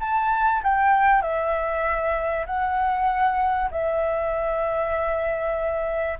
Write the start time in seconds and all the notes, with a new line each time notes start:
0.00 A5
0.63 G5
1.22 E5
2.46 F#5
3.71 E5